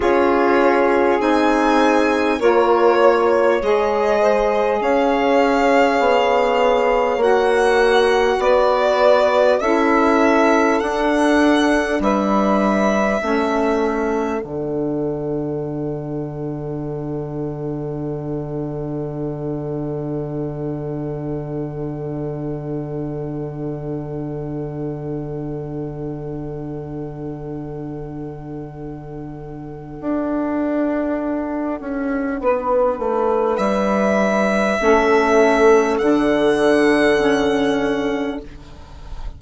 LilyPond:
<<
  \new Staff \with { instrumentName = "violin" } { \time 4/4 \tempo 4 = 50 cis''4 gis''4 cis''4 dis''4 | f''2 fis''4 d''4 | e''4 fis''4 e''2 | fis''1~ |
fis''1~ | fis''1~ | fis''1 | e''2 fis''2 | }
  \new Staff \with { instrumentName = "saxophone" } { \time 4/4 gis'2 ais'8 cis''4 c''8 | cis''2. b'4 | a'2 b'4 a'4~ | a'1~ |
a'1~ | a'1~ | a'2. b'4~ | b'4 a'2. | }
  \new Staff \with { instrumentName = "saxophone" } { \time 4/4 f'4 dis'4 f'4 gis'4~ | gis'2 fis'2 | e'4 d'2 cis'4 | d'1~ |
d'1~ | d'1~ | d'1~ | d'4 cis'4 d'4 cis'4 | }
  \new Staff \with { instrumentName = "bassoon" } { \time 4/4 cis'4 c'4 ais4 gis4 | cis'4 b4 ais4 b4 | cis'4 d'4 g4 a4 | d1~ |
d1~ | d1~ | d4 d'4. cis'8 b8 a8 | g4 a4 d2 | }
>>